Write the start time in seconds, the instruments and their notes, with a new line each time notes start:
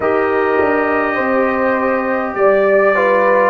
0.00 tuba D#4, trombone G4, horn A#4, trumpet D#5
0.59 tuba D4
1.14 tuba C4, horn C5
2.35 tuba G3, trumpet D5, horn D5
2.95 trombone F4, horn B4